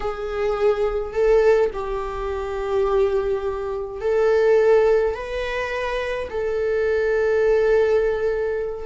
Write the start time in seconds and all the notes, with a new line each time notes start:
0.00 G#4
1.13 A4
1.73 G4
4.00 A4
5.14 B4
6.29 A4